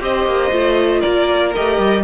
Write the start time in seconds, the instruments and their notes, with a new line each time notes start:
0.00 cello C4, viola G4, violin C5 D#5
0.26 cello A#3
0.51 cello A3, viola F4
1.01 cello A#3, violin A#4 D5
1.55 cello A3, viola G4, violin D#5
1.79 cello G3